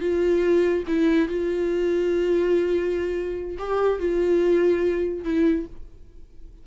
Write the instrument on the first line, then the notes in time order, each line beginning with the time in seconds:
viola
0.00 F4
0.87 E4
1.28 F4
3.58 G4
3.99 F4
5.24 E4